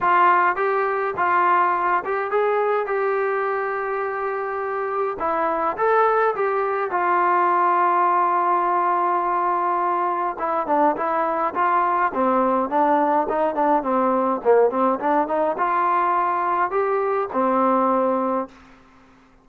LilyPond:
\new Staff \with { instrumentName = "trombone" } { \time 4/4 \tempo 4 = 104 f'4 g'4 f'4. g'8 | gis'4 g'2.~ | g'4 e'4 a'4 g'4 | f'1~ |
f'2 e'8 d'8 e'4 | f'4 c'4 d'4 dis'8 d'8 | c'4 ais8 c'8 d'8 dis'8 f'4~ | f'4 g'4 c'2 | }